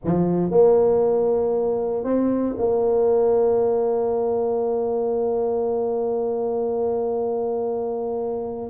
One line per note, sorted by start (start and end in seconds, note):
0.04 0.50 F3
0.50 2.04 A#3
2.04 2.55 C4
2.58 8.70 A#3